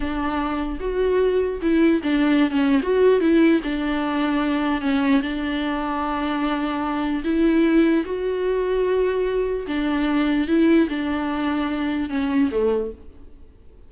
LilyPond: \new Staff \with { instrumentName = "viola" } { \time 4/4 \tempo 4 = 149 d'2 fis'2 | e'4 d'4~ d'16 cis'8. fis'4 | e'4 d'2. | cis'4 d'2.~ |
d'2 e'2 | fis'1 | d'2 e'4 d'4~ | d'2 cis'4 a4 | }